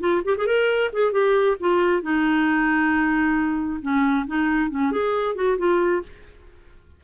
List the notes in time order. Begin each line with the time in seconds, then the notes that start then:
0.00 F4
0.25 G4
0.37 G#4
0.47 A#4
0.93 G#4
1.12 G4
1.60 F4
2.02 D#4
3.82 C#4
4.27 D#4
4.71 C#4
4.92 G#4
5.36 F#4
5.58 F4